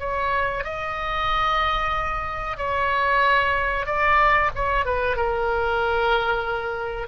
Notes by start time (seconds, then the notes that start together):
0.00 C#5
0.64 D#5
2.57 C#5
3.86 D5
4.55 C#5
4.85 B4
5.17 A#4